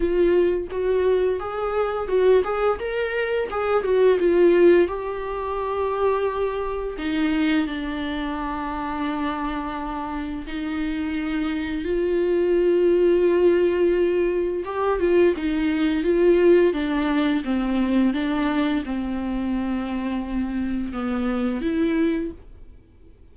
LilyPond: \new Staff \with { instrumentName = "viola" } { \time 4/4 \tempo 4 = 86 f'4 fis'4 gis'4 fis'8 gis'8 | ais'4 gis'8 fis'8 f'4 g'4~ | g'2 dis'4 d'4~ | d'2. dis'4~ |
dis'4 f'2.~ | f'4 g'8 f'8 dis'4 f'4 | d'4 c'4 d'4 c'4~ | c'2 b4 e'4 | }